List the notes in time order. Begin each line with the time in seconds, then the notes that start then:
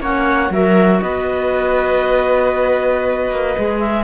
0.00 A#3 C#4 C#5 F#5
0.50 F#3 F#4 A#4 E5
1.01 B3 B4 D#5
3.30 A#3
3.57 G#3 G#4
3.80 E5